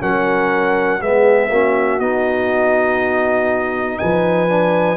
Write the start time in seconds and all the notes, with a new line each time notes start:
0.00 F#3 C#4 A#4 F#5
1.01 G#3 B3 G#4 E5
1.50 A#3 C#4 F#4
1.99 B3 D#4 D#5
3.98 F3 B4 G#5
4.48 D4